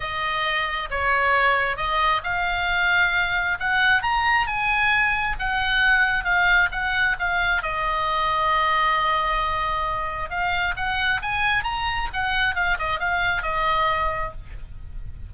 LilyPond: \new Staff \with { instrumentName = "oboe" } { \time 4/4 \tempo 4 = 134 dis''2 cis''2 | dis''4 f''2. | fis''4 ais''4 gis''2 | fis''2 f''4 fis''4 |
f''4 dis''2.~ | dis''2. f''4 | fis''4 gis''4 ais''4 fis''4 | f''8 dis''8 f''4 dis''2 | }